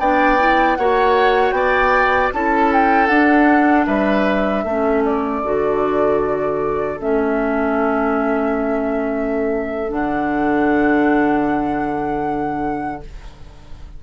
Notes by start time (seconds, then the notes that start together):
0.00 B3 D4 D5 G5
0.39 E4
0.76 A#3 F#4 C#5 F#5
1.51 B3 D5 G5
2.34 C#4 E4 A4 A5
2.73 G5
3.07 D4 F#5
3.87 G3 B4 E5
4.64 A3 C#4 A4
5.06 D5
5.44 D3 F#4
7.00 A3 C#4 E5
9.89 D3 D4 F#5